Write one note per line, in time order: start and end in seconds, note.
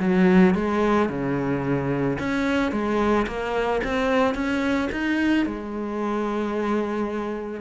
0.00 0.55 F#3
0.55 1.09 G#3
1.09 2.18 C#3
2.19 2.72 C#4
2.72 3.27 G#3
3.27 3.82 A#3
3.84 4.35 C4
4.35 4.89 C#4
4.92 5.46 D#4
5.46 7.61 G#3